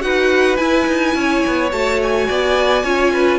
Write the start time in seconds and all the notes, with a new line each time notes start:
0.00 D#4 F#4 B4 F#5
0.56 E4 G#5
0.86 D#4
1.15 C#4 C#5
1.46 B3
1.71 A3 F#4 A5
2.02 G#5
2.28 B3 D5
2.83 C#4 F4 C#5
3.12 B4